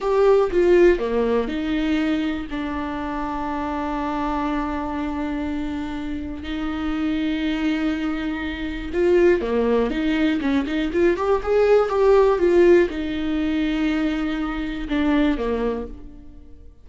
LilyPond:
\new Staff \with { instrumentName = "viola" } { \time 4/4 \tempo 4 = 121 g'4 f'4 ais4 dis'4~ | dis'4 d'2.~ | d'1~ | d'4 dis'2.~ |
dis'2 f'4 ais4 | dis'4 cis'8 dis'8 f'8 g'8 gis'4 | g'4 f'4 dis'2~ | dis'2 d'4 ais4 | }